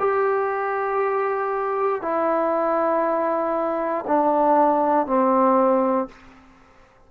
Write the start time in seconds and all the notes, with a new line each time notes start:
0.00 G4
2.02 E4
4.08 D4
5.07 C4